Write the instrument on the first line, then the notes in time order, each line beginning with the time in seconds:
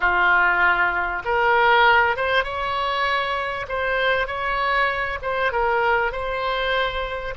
oboe
0.00 F4
1.24 A#4
2.16 C5
2.44 C#5
3.68 C5
4.27 C#5
5.22 C5
5.52 A#4
6.11 C5